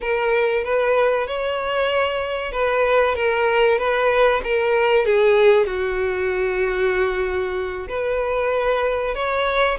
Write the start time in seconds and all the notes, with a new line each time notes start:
0.00 A#4
0.64 B4
1.27 C#5
2.52 B4
3.15 A#4
3.78 B4
4.43 A#4
5.05 G#4
5.66 F#4
7.88 B4
9.14 C#5